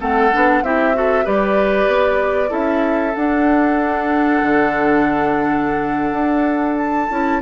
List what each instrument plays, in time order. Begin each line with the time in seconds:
0.00 bassoon A3, clarinet C4, oboe A4, flute F#5
0.32 bassoon B3, clarinet D4
0.62 bassoon C4, clarinet E4, oboe G4, flute E5
0.94 clarinet F#4, oboe A4
1.24 bassoon G3, clarinet G4, oboe B4, flute D5
1.87 bassoon B3
2.49 bassoon C#4, clarinet E4, oboe A4, flute E5
3.15 bassoon D4, clarinet D4, flute F#5
4.42 bassoon D3
6.13 bassoon D4
6.78 flute A5
7.11 bassoon C#4, clarinet E4